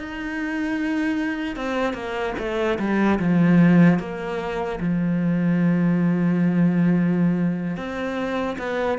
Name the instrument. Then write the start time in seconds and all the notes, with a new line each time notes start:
cello
0.00 D#4
1.56 C4
1.94 A#3
2.39 A3
2.79 G3
3.19 F3
4.00 A#3
4.80 F3
7.77 C4
8.59 B3